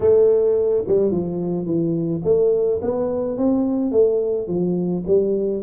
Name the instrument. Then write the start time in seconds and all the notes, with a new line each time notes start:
tuba
0.00 A3
0.87 G3
1.11 F3
1.65 E3
2.24 A3
2.81 B3
3.37 C4
3.91 A3
4.47 F3
5.07 G3